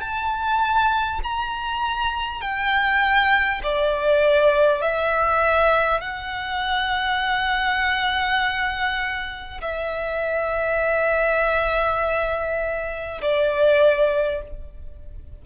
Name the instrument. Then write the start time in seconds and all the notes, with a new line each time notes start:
violin
0.00 A5
1.23 A#5
2.41 G5
3.63 D5
4.81 E5
6.01 F#5
9.61 E5
13.22 D5